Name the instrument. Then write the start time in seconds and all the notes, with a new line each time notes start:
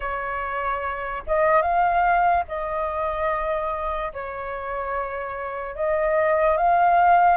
flute
0.00 C#5
1.26 D#5
1.61 F5
2.47 D#5
4.13 C#5
5.75 D#5
6.57 F5